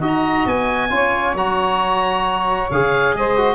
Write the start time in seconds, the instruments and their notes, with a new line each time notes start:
0.00 tuba D#4, trombone F#4, saxophone D#5
0.07 oboe A#5
0.46 tuba B3, oboe G#5
0.90 tuba C#4, trombone F4, saxophone C#5
1.34 tuba F#3, trombone F#4, oboe A#5
2.71 tuba C#3, trombone G#4, oboe F5
3.14 tuba G#3, saxophone C5, oboe D#5
3.37 trombone F#4